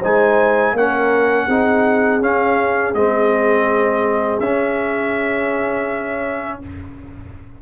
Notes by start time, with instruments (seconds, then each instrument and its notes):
0.00 tuba G#3, trombone D#4, horn C5, trumpet G#5
0.73 tuba A#3, trombone C#4, horn A#4, trumpet F#5
1.46 tuba C4, trombone D#4, horn G#4
2.21 tuba C#4, trombone C#4, trumpet F5
2.94 tuba G#3, trombone C4, trumpet D#5
4.39 tuba C#4, trombone C#4, trumpet E5